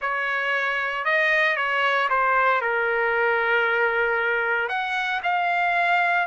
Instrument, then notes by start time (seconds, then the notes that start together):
trumpet
0.01 C#5
1.04 D#5
1.56 C#5
2.09 C5
2.61 A#4
4.68 F#5
5.23 F5